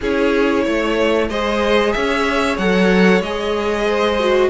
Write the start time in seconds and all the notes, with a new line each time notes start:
0.01 C#4 E4 G#4 C#5
0.63 A3 C#5
1.29 G#3 G#4 C5 D#5
1.92 C#4 C#5 E5
2.58 F#3 A4 F#5
3.20 G#3 G#4 D#5
3.85 C5
4.19 F#4